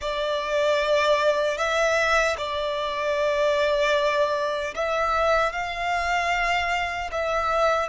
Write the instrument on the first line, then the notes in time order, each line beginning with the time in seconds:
violin
0.01 D5
1.57 E5
2.37 D5
4.74 E5
5.52 F5
7.11 E5